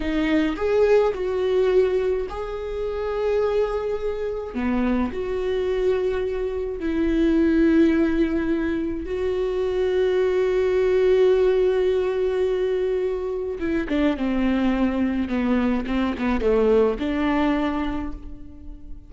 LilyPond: \new Staff \with { instrumentName = "viola" } { \time 4/4 \tempo 4 = 106 dis'4 gis'4 fis'2 | gis'1 | b4 fis'2. | e'1 |
fis'1~ | fis'1 | e'8 d'8 c'2 b4 | c'8 b8 a4 d'2 | }